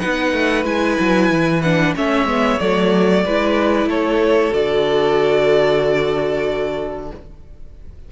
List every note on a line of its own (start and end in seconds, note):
0.00 0.33 B3
0.00 0.65 D#4
0.00 1.94 B4
0.00 0.65 F#5
0.33 0.65 A3
0.65 0.97 G#3
0.65 1.61 E4
0.65 1.62 G#5
1.01 1.31 F#3
1.31 1.95 E3
1.62 1.96 D4
1.62 1.94 F#5
1.96 2.25 A3
1.96 2.27 C#4
1.96 3.25 C#5
1.96 2.60 E5
2.25 2.57 G#3
2.25 2.60 B3
2.60 3.25 F#3
2.60 3.25 A3
2.60 3.89 D5
3.26 3.87 G#3
3.26 4.52 E4
3.26 3.89 B4
3.87 4.51 A3
3.87 7.11 A4
3.87 4.54 C#5
4.52 7.11 D3
4.52 7.10 F#4
4.52 7.12 D5